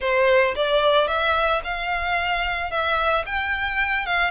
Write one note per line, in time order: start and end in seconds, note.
0.00 0.54 C5
0.55 1.07 D5
1.07 1.61 E5
1.63 2.70 F5
2.70 3.24 E5
3.26 4.06 G5
4.06 4.30 F5